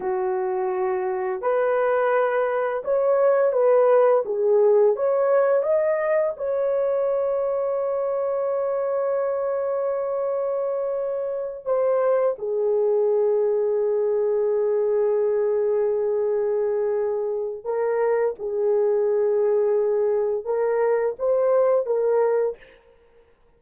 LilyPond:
\new Staff \with { instrumentName = "horn" } { \time 4/4 \tempo 4 = 85 fis'2 b'2 | cis''4 b'4 gis'4 cis''4 | dis''4 cis''2.~ | cis''1~ |
cis''8 c''4 gis'2~ gis'8~ | gis'1~ | gis'4 ais'4 gis'2~ | gis'4 ais'4 c''4 ais'4 | }